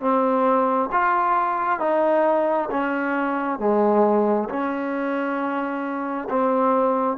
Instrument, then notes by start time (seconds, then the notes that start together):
trombone
0.00 C4
0.92 F4
1.80 D#4
2.70 C#4
3.59 G#3
4.49 C#4
6.29 C4